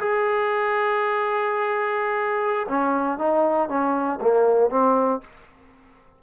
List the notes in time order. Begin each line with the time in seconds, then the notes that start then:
0.00 G#4
2.68 C#4
3.18 D#4
3.69 C#4
4.21 A#3
4.70 C4